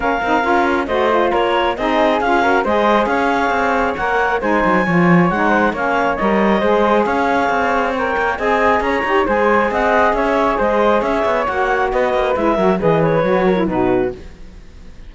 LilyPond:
<<
  \new Staff \with { instrumentName = "clarinet" } { \time 4/4 \tempo 4 = 136 f''2 dis''4 cis''4 | dis''4 f''4 dis''4 f''4~ | f''4 fis''4 gis''2 | fis''4 f''4 dis''2 |
f''2 g''4 gis''4 | ais''4 gis''4 fis''4 e''4 | dis''4 e''4 fis''4 dis''4 | e''4 dis''8 cis''4. b'4 | }
  \new Staff \with { instrumentName = "flute" } { \time 4/4 ais'2 c''4 ais'4 | gis'4. ais'8 c''4 cis''4~ | cis''2 c''4 cis''4~ | cis''8 c''8 cis''2 c''4 |
cis''2. dis''4 | cis''4 c''4 dis''4 cis''4 | c''4 cis''2 b'4~ | b'8 ais'8 b'4. ais'8 fis'4 | }
  \new Staff \with { instrumentName = "saxophone" } { \time 4/4 cis'8 dis'8 f'4 fis'8 f'4. | dis'4 f'8 fis'8 gis'2~ | gis'4 ais'4 dis'4 f'4 | dis'4 cis'4 ais'4 gis'4~ |
gis'2 ais'4 gis'4~ | gis'8 g'8 gis'2.~ | gis'2 fis'2 | e'8 fis'8 gis'4 fis'8. e'16 dis'4 | }
  \new Staff \with { instrumentName = "cello" } { \time 4/4 ais8 c'8 cis'4 a4 ais4 | c'4 cis'4 gis4 cis'4 | c'4 ais4 gis8 fis8 f4 | gis4 ais4 g4 gis4 |
cis'4 c'4. ais8 c'4 | cis'8 dis'8 gis4 c'4 cis'4 | gis4 cis'8 b8 ais4 b8 ais8 | gis8 fis8 e4 fis4 b,4 | }
>>